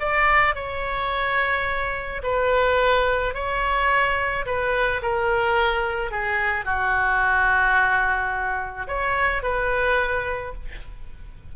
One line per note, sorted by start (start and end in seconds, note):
0.00 0.56 D5
0.56 2.22 C#5
2.23 3.35 B4
3.35 4.46 C#5
4.46 5.02 B4
5.03 6.11 A#4
6.11 6.65 G#4
6.65 8.87 F#4
8.88 9.43 C#5
9.43 10.54 B4